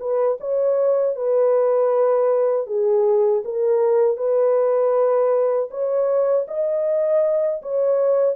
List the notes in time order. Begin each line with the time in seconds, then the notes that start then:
0.00 B4
0.40 C#5
1.16 B4
2.67 G#4
3.45 A#4
4.17 B4
5.71 C#5
6.48 D#5
7.63 C#5